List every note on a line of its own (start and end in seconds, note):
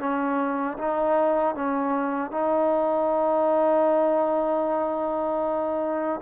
0.00 0.78 C#4
0.79 1.55 D#4
1.55 2.31 C#4
2.31 6.21 D#4